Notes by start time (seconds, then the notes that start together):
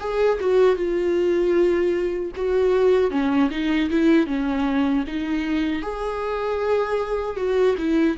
0.00 G#4
0.41 F#4
0.76 F4
2.36 F#4
3.11 C#4
3.51 D#4
3.90 E4
4.27 C#4
5.07 D#4
5.82 G#4
7.37 F#4
7.78 E4